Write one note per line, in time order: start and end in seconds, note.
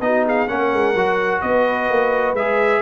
0.00 0.47 B3
0.00 0.48 D#4
0.00 0.25 F#4
0.00 0.24 D#5
0.25 0.49 G#4
0.25 0.48 F5
0.48 0.73 A#3
0.48 0.94 C#4
0.48 1.41 A#4
0.48 1.41 F#5
0.73 0.94 G#3
0.94 1.41 F#3
0.94 2.37 F#4
1.41 1.89 B3
1.41 2.81 B4
1.41 2.35 D#5
1.90 2.33 A#3
2.33 2.80 G#3
2.33 2.81 G#4
2.33 2.81 E5